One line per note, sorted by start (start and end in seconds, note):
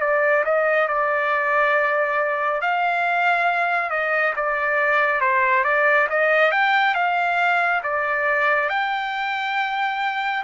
0.00 0.43 D5
0.45 0.88 D#5
0.88 2.61 D5
2.61 3.90 F5
3.90 4.33 D#5
4.36 5.20 D5
5.20 5.64 C5
5.64 6.07 D5
6.09 6.51 D#5
6.51 6.94 G5
6.94 7.81 F5
7.83 8.69 D5
8.69 10.43 G5